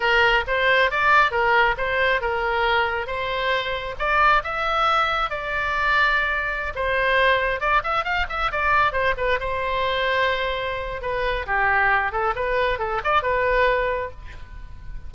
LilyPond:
\new Staff \with { instrumentName = "oboe" } { \time 4/4 \tempo 4 = 136 ais'4 c''4 d''4 ais'4 | c''4 ais'2 c''4~ | c''4 d''4 e''2 | d''2.~ d''16 c''8.~ |
c''4~ c''16 d''8 e''8 f''8 e''8 d''8.~ | d''16 c''8 b'8 c''2~ c''8.~ | c''4 b'4 g'4. a'8 | b'4 a'8 d''8 b'2 | }